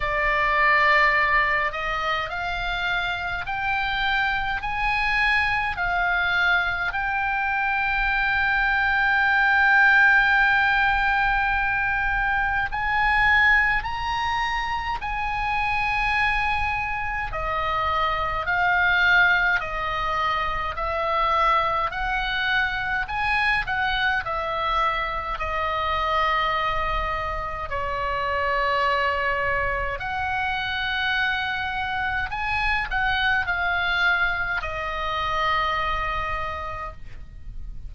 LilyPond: \new Staff \with { instrumentName = "oboe" } { \time 4/4 \tempo 4 = 52 d''4. dis''8 f''4 g''4 | gis''4 f''4 g''2~ | g''2. gis''4 | ais''4 gis''2 dis''4 |
f''4 dis''4 e''4 fis''4 | gis''8 fis''8 e''4 dis''2 | cis''2 fis''2 | gis''8 fis''8 f''4 dis''2 | }